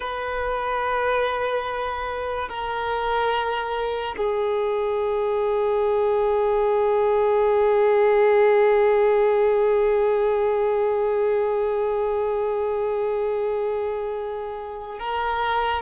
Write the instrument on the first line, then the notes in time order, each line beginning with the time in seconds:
violin
0.00 B4
2.48 A#4
4.17 G#4
14.99 A#4